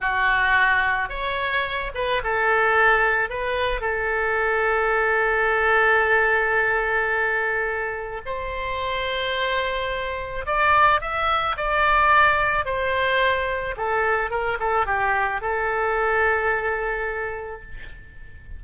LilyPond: \new Staff \with { instrumentName = "oboe" } { \time 4/4 \tempo 4 = 109 fis'2 cis''4. b'8 | a'2 b'4 a'4~ | a'1~ | a'2. c''4~ |
c''2. d''4 | e''4 d''2 c''4~ | c''4 a'4 ais'8 a'8 g'4 | a'1 | }